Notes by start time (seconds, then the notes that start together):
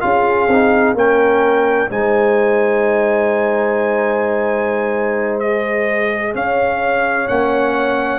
0.00 C#4 F4 G#4 F5
0.47 C4 D#4
0.93 A#3 C#4 A#4 G5
1.90 G#3 D#4 C5 G#5
5.39 G#4 D#5
6.34 C#4 C#5 F5
7.27 A#3 C#4 F#5